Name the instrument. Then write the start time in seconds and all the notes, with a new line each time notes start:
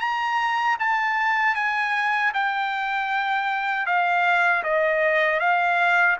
trumpet
0.00 A#5
0.79 A5
1.55 G#5
2.34 G5
3.86 F5
4.63 D#5
5.40 F5